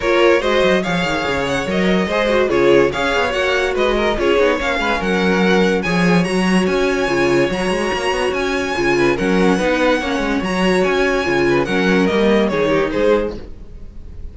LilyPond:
<<
  \new Staff \with { instrumentName = "violin" } { \time 4/4 \tempo 4 = 144 cis''4 dis''4 f''4. fis''8 | dis''2 cis''4 f''4 | fis''4 dis''4 cis''4 f''4 | fis''2 gis''4 ais''4 |
gis''2 ais''2 | gis''2 fis''2~ | fis''4 ais''4 gis''2 | fis''4 dis''4 cis''4 c''4 | }
  \new Staff \with { instrumentName = "violin" } { \time 4/4 ais'4 c''4 cis''2~ | cis''4 c''4 gis'4 cis''4~ | cis''4 b'8 ais'8 gis'4 cis''8 b'8 | ais'2 cis''2~ |
cis''1~ | cis''4. b'8 ais'4 b'4 | cis''2.~ cis''8 b'8 | ais'2 gis'8 g'8 gis'4 | }
  \new Staff \with { instrumentName = "viola" } { \time 4/4 f'4 fis'4 gis'2 | ais'4 gis'8 fis'8 f'4 gis'4 | fis'2 f'8 dis'8 cis'4~ | cis'2 gis'4 fis'4~ |
fis'4 f'4 fis'2~ | fis'4 f'4 cis'4 dis'4 | cis'4 fis'2 f'4 | cis'4 ais4 dis'2 | }
  \new Staff \with { instrumentName = "cello" } { \time 4/4 ais4 gis8 fis8 f8 dis8 cis4 | fis4 gis4 cis4 cis'8 b8 | ais4 gis4 cis'8 b8 ais8 gis8 | fis2 f4 fis4 |
cis'4 cis4 fis8 gis8 ais8 b8 | cis'4 cis4 fis4 b4 | ais8 gis8 fis4 cis'4 cis4 | fis4 g4 dis4 gis4 | }
>>